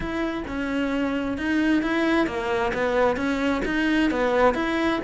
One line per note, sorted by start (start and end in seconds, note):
0.00 0.43 E4
0.47 1.37 C#4
1.37 1.82 D#4
1.82 2.26 E4
2.26 2.72 A#3
2.73 3.16 B3
3.16 3.62 C#4
3.65 4.10 D#4
4.10 4.54 B3
4.54 4.99 E4